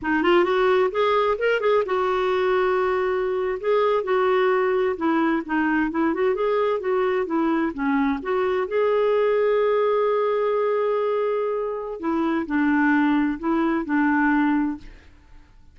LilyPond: \new Staff \with { instrumentName = "clarinet" } { \time 4/4 \tempo 4 = 130 dis'8 f'8 fis'4 gis'4 ais'8 gis'8 | fis'2.~ fis'8. gis'16~ | gis'8. fis'2 e'4 dis'16~ | dis'8. e'8 fis'8 gis'4 fis'4 e'16~ |
e'8. cis'4 fis'4 gis'4~ gis'16~ | gis'1~ | gis'2 e'4 d'4~ | d'4 e'4 d'2 | }